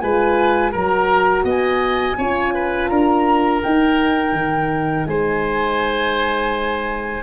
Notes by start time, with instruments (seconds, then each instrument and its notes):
0.00 tuba G#3, horn F4, oboe B4, flute G#5
0.72 tuba F#3, horn F#4, oboe A#4, flute A#5
1.44 tuba B3, oboe D#5, flute G#5
2.18 tuba C#4, horn F4, oboe C#5
2.54 oboe B4
2.88 tuba D4, oboe A#4, flute A#5
3.63 horn D#4, tuba D#4, flute G5
4.33 tuba D#3
5.07 tuba G#3, oboe C5, flute G#5